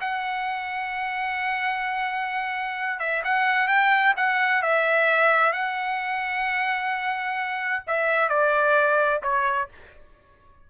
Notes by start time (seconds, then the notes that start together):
0.00 F#5
2.99 E5
3.24 F#5
3.68 G5
4.16 F#5
4.62 E5
5.52 F#5
7.87 E5
8.29 D5
9.22 C#5